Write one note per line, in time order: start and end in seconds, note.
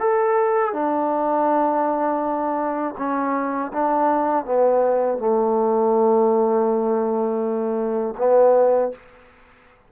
0.00 0.73 A4
0.73 2.96 D4
2.98 3.72 C#4
3.74 4.45 D4
4.45 5.19 B3
5.19 8.15 A3
8.18 8.92 B3